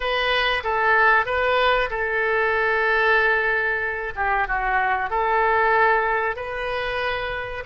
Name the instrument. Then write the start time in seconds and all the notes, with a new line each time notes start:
oboe
0.00 B4
0.63 A4
1.25 B4
1.90 A4
4.15 G4
4.47 F#4
5.09 A4
6.36 B4